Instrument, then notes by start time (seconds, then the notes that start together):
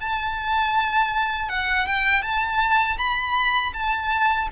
violin
0.00 A5
1.49 F#5
1.86 G5
2.22 A5
2.98 B5
3.73 A5